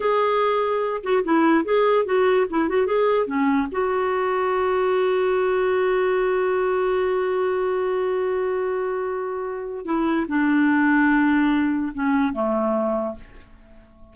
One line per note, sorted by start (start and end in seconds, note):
0.00 1.01 G#4
1.03 1.23 F#4
1.23 1.64 E4
1.64 2.05 G#4
2.05 2.46 F#4
2.50 2.68 E4
2.68 2.86 F#4
2.86 3.26 G#4
3.26 3.67 C#4
3.71 9.85 F#4
9.85 10.26 E4
10.28 11.92 D4
11.94 12.33 C#4
12.33 13.15 A3